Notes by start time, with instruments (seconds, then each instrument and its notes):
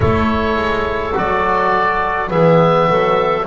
0.00 double bass A3, trombone E4, clarinet A4, oboe C#5
0.56 double bass G#3
1.13 double bass F#3, trombone F#4, oboe D5
2.27 double bass E3, trombone B3, clarinet G#4, oboe E5
2.88 double bass F#3, clarinet A4